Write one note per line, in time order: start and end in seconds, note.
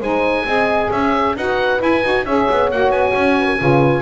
0.00 0.45 G#3
0.00 0.46 D#4
0.00 0.45 C5
0.00 0.91 G#5
0.45 0.89 C4
0.45 1.36 G#4
0.45 0.90 D#5
0.90 1.35 C#4
0.90 1.35 C#5
0.90 1.36 E5
1.35 1.80 D#4
1.35 1.78 F#4
1.35 2.25 B4
1.35 1.82 F#5
1.78 2.01 E4
1.78 2.03 E4
1.78 2.25 G#5
2.02 2.25 D#4
2.02 2.25 F#4
2.25 2.48 C#4
2.25 2.72 G#4
2.25 3.37 C#5
2.25 2.70 E5
2.50 2.72 B3
2.71 2.90 A#3
2.71 3.59 F#4
2.71 2.91 F#5
2.90 3.12 B3
2.90 4.02 G#5
3.14 3.59 C#4
3.38 3.46 B4
3.46 3.57 A#4
3.59 4.02 C#3
3.59 4.02 F4
3.59 4.02 B4